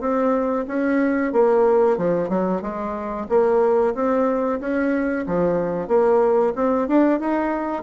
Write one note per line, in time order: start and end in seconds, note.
0.00 0.65 C4
0.68 1.33 C#4
1.33 1.97 A#3
1.97 2.29 F3
2.29 2.62 F#3
2.62 3.27 G#3
3.29 3.94 A#3
3.95 4.60 C4
4.60 5.26 C#4
5.27 5.88 F3
5.88 6.53 A#3
6.55 6.88 C4
6.88 7.20 D4
7.20 7.83 D#4